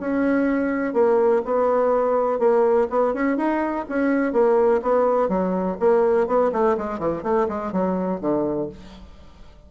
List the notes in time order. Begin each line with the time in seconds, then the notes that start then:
0.00 C#4
0.93 A#3
1.45 B3
2.39 A#3
2.89 B3
3.14 C#4
3.37 D#4
3.89 C#4
4.33 A#3
4.82 B3
5.29 F#3
5.80 A#3
6.27 B3
6.52 A3
6.77 G#3
6.99 E3
7.23 A3
7.48 G#3
7.72 F#3
8.21 D3